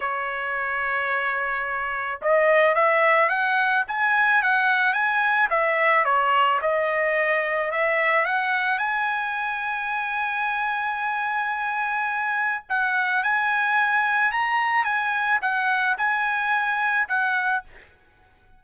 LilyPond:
\new Staff \with { instrumentName = "trumpet" } { \time 4/4 \tempo 4 = 109 cis''1 | dis''4 e''4 fis''4 gis''4 | fis''4 gis''4 e''4 cis''4 | dis''2 e''4 fis''4 |
gis''1~ | gis''2. fis''4 | gis''2 ais''4 gis''4 | fis''4 gis''2 fis''4 | }